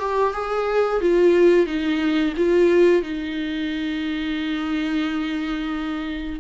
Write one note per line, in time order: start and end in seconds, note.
0.00 0.34 G4
0.34 1.01 G#4
1.01 1.67 F4
1.67 2.34 D#4
2.37 3.03 F4
3.03 6.40 D#4